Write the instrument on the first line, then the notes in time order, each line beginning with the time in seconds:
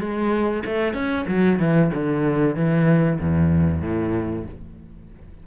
cello
0.00 G#3
0.66 A3
0.94 C#4
1.28 F#3
1.60 E3
1.94 D3
2.56 E3
3.20 E2
3.82 A2